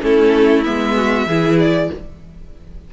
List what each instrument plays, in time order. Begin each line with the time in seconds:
0.00 cello A3, viola C#4, violin E4 A4
0.64 cello G#3, viola B3, violin E5
0.95 violin F#4
1.26 cello E3, viola E4, violin G#4
1.59 violin D5